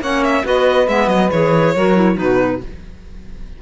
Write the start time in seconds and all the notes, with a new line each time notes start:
0.00 A#3 C#4 C#5 F#5
0.24 E5
0.43 B3 F#4 B4 D#5
0.87 G#3 B3 E5
1.07 F#3 D#5
1.31 E3 G#4 C#5
1.75 F#3 F#4 A#4
1.95 E4
2.15 B2 D#4 F#4 B4